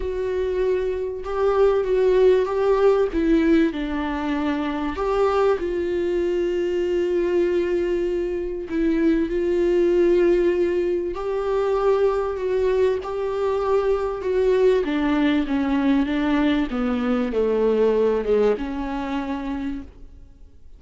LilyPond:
\new Staff \with { instrumentName = "viola" } { \time 4/4 \tempo 4 = 97 fis'2 g'4 fis'4 | g'4 e'4 d'2 | g'4 f'2.~ | f'2 e'4 f'4~ |
f'2 g'2 | fis'4 g'2 fis'4 | d'4 cis'4 d'4 b4 | a4. gis8 cis'2 | }